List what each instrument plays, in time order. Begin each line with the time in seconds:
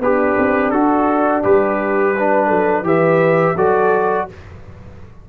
0.00 tuba B3, horn D4, trombone G4, trumpet B4
0.38 tuba C4
0.71 tuba D4, trombone F#4, trumpet A4
1.44 tuba G3, trombone G4, trumpet B4
2.17 trombone D4, horn B4
2.48 tuba F#3, horn A4
2.83 tuba E3, trombone G4, horn B4, trumpet E5
3.57 tuba F#3, trombone F#4, horn A4, trumpet D5